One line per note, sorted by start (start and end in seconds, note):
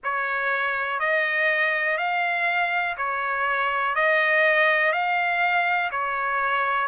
0.03 0.99 C#5
0.99 1.97 D#5
1.97 2.96 F5
2.97 3.95 C#5
3.95 4.92 D#5
4.92 5.90 F5
5.91 6.87 C#5